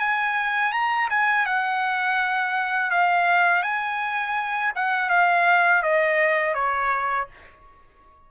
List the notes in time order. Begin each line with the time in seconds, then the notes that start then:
0.00 G#5
0.73 A#5
1.10 G#5
1.46 F#5
2.91 F5
3.63 G#5
4.76 F#5
5.10 F5
5.83 D#5
6.55 C#5